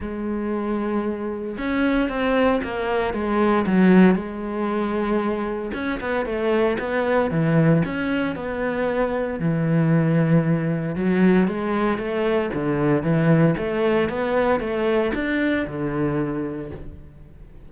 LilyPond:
\new Staff \with { instrumentName = "cello" } { \time 4/4 \tempo 4 = 115 gis2. cis'4 | c'4 ais4 gis4 fis4 | gis2. cis'8 b8 | a4 b4 e4 cis'4 |
b2 e2~ | e4 fis4 gis4 a4 | d4 e4 a4 b4 | a4 d'4 d2 | }